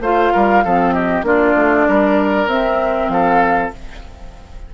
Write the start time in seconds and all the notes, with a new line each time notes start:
0.00 A3 F4 C5 F5
0.32 G3 A#4
0.64 F3 C4 A4
0.93 G4 D#5
1.23 A#3 D4 F4 D5
1.56 A3
1.88 G3 A#4
2.46 C4 E5
3.09 F3 A4 F5